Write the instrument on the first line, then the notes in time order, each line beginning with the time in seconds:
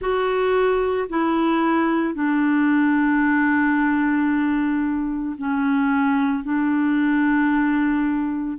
clarinet
0.00 F#4
1.09 E4
2.14 D4
5.38 C#4
6.43 D4